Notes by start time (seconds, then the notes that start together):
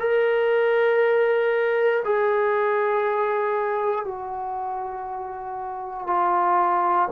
0.00 A#4
2.05 G#4
4.05 F#4
6.07 F4